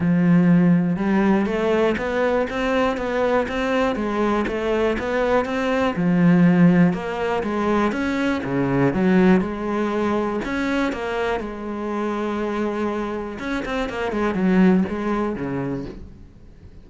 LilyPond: \new Staff \with { instrumentName = "cello" } { \time 4/4 \tempo 4 = 121 f2 g4 a4 | b4 c'4 b4 c'4 | gis4 a4 b4 c'4 | f2 ais4 gis4 |
cis'4 cis4 fis4 gis4~ | gis4 cis'4 ais4 gis4~ | gis2. cis'8 c'8 | ais8 gis8 fis4 gis4 cis4 | }